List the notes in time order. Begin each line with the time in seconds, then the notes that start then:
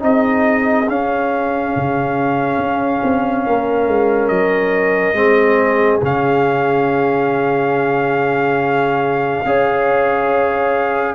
0.00 C4 D#4 G#4 D#5
0.88 C#4 F5
1.76 C#3
2.58 C#4
3.04 C4
3.46 A#3 A#4
3.87 G#3
4.28 F#3 D#5
5.13 G#3 C4 G#4
6.02 C#3 C#4 F5
9.45 C#4 G#4 C#5